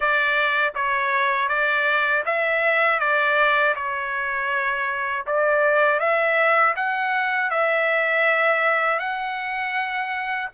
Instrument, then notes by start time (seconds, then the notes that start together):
trumpet
0.00 D5
0.74 C#5
1.48 D5
2.25 E5
2.99 D5
3.75 C#5
5.26 D5
5.99 E5
6.75 F#5
7.50 E5
8.99 F#5